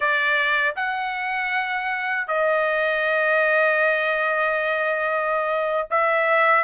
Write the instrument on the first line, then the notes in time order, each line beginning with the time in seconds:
trumpet
0.00 D5
0.76 F#5
2.27 D#5
5.90 E5